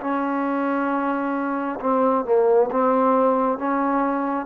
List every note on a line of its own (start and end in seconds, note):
0.00 1.79 C#4
1.80 2.24 C4
2.24 2.69 A#3
2.71 3.58 C4
3.58 4.46 C#4